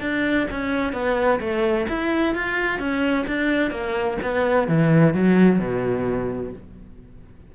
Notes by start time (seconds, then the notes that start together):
0.00 D4
0.50 C#4
0.93 B3
1.40 A3
1.88 E4
2.34 F4
2.79 C#4
3.27 D4
3.71 A#3
4.22 B3
4.68 E3
5.14 F#3
5.59 B2